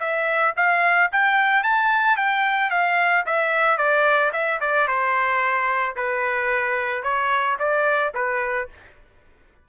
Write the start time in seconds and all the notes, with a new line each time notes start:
0.00 E5
0.57 F5
1.12 G5
1.64 A5
2.17 G5
2.71 F5
3.26 E5
3.78 D5
4.33 E5
4.61 D5
4.88 C5
5.96 B4
7.03 C#5
7.59 D5
8.14 B4